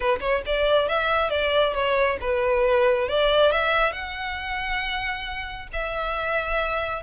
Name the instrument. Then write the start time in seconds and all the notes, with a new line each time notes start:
violin
0.00 B4
0.20 C#5
0.46 D5
0.88 E5
1.30 D5
1.73 C#5
2.20 B4
3.08 D5
3.51 E5
3.92 F#5
5.72 E5